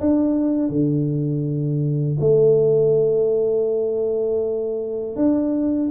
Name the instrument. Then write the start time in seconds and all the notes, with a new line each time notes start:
tuba
0.00 D4
0.69 D3
2.20 A3
5.15 D4